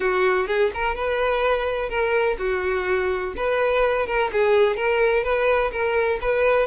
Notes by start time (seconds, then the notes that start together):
0.00 F#4
0.47 G#4
0.73 A#4
0.95 B4
1.89 A#4
2.38 F#4
3.36 B4
4.06 A#4
4.32 G#4
4.76 A#4
5.23 B4
5.71 A#4
6.21 B4